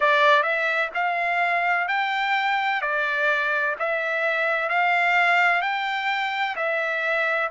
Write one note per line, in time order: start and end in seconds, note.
0.00 0.43 D5
0.43 0.89 E5
0.94 1.87 F5
1.87 2.81 G5
2.81 3.75 D5
3.79 4.69 E5
4.69 5.61 F5
5.61 6.55 G5
6.56 7.50 E5